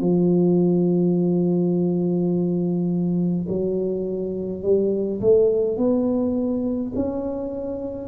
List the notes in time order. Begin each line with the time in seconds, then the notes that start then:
0.00 F3
3.48 F#3
4.63 G3
5.21 A3
5.77 B3
6.95 C#4